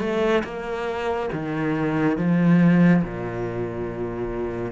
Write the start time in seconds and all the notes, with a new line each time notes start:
0.00 A3
0.44 A#3
1.32 D#3
2.17 F3
3.03 A#2